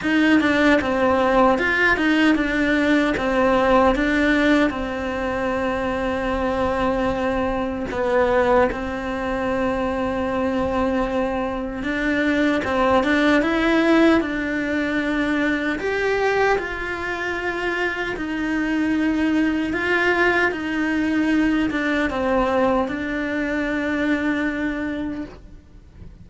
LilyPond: \new Staff \with { instrumentName = "cello" } { \time 4/4 \tempo 4 = 76 dis'8 d'8 c'4 f'8 dis'8 d'4 | c'4 d'4 c'2~ | c'2 b4 c'4~ | c'2. d'4 |
c'8 d'8 e'4 d'2 | g'4 f'2 dis'4~ | dis'4 f'4 dis'4. d'8 | c'4 d'2. | }